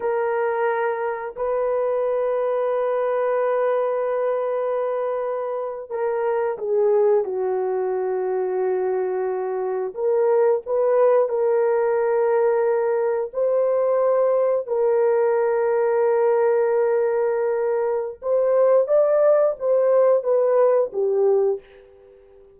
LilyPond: \new Staff \with { instrumentName = "horn" } { \time 4/4 \tempo 4 = 89 ais'2 b'2~ | b'1~ | b'8. ais'4 gis'4 fis'4~ fis'16~ | fis'2~ fis'8. ais'4 b'16~ |
b'8. ais'2. c''16~ | c''4.~ c''16 ais'2~ ais'16~ | ais'2. c''4 | d''4 c''4 b'4 g'4 | }